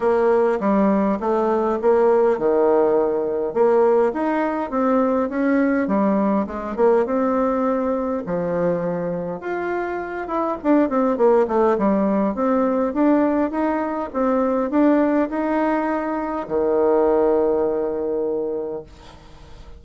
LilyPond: \new Staff \with { instrumentName = "bassoon" } { \time 4/4 \tempo 4 = 102 ais4 g4 a4 ais4 | dis2 ais4 dis'4 | c'4 cis'4 g4 gis8 ais8 | c'2 f2 |
f'4. e'8 d'8 c'8 ais8 a8 | g4 c'4 d'4 dis'4 | c'4 d'4 dis'2 | dis1 | }